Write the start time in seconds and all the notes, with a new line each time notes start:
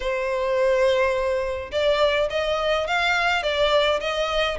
0.00 C5
1.71 D5
2.30 D#5
2.87 F5
3.42 D5
4.00 D#5